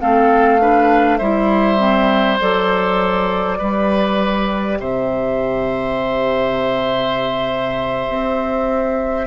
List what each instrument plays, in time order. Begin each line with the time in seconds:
0.00 bassoon A3, clarinet C4, oboe A4, flute F5
0.60 clarinet D4, oboe B4
1.18 bassoon G3, clarinet E4, oboe C5, flute E5
1.78 clarinet C4
2.41 bassoon F#3, clarinet A4, flute D5
3.57 bassoon G3, clarinet G4, oboe B4
4.80 bassoon C3, oboe C5, flute E5
8.09 bassoon C4